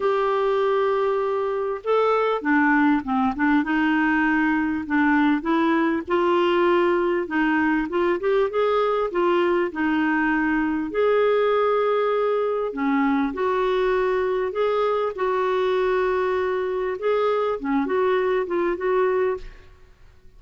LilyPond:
\new Staff \with { instrumentName = "clarinet" } { \time 4/4 \tempo 4 = 99 g'2. a'4 | d'4 c'8 d'8 dis'2 | d'4 e'4 f'2 | dis'4 f'8 g'8 gis'4 f'4 |
dis'2 gis'2~ | gis'4 cis'4 fis'2 | gis'4 fis'2. | gis'4 cis'8 fis'4 f'8 fis'4 | }